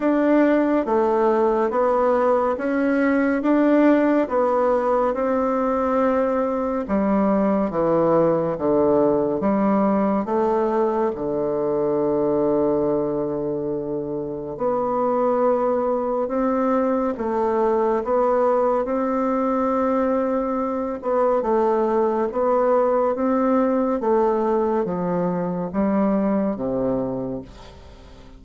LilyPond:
\new Staff \with { instrumentName = "bassoon" } { \time 4/4 \tempo 4 = 70 d'4 a4 b4 cis'4 | d'4 b4 c'2 | g4 e4 d4 g4 | a4 d2.~ |
d4 b2 c'4 | a4 b4 c'2~ | c'8 b8 a4 b4 c'4 | a4 f4 g4 c4 | }